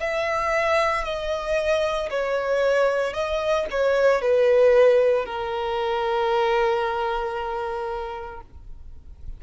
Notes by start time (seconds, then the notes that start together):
0.00 E5
1.04 D#5
2.10 C#5
3.13 D#5
3.70 C#5
4.21 B4
5.25 A#4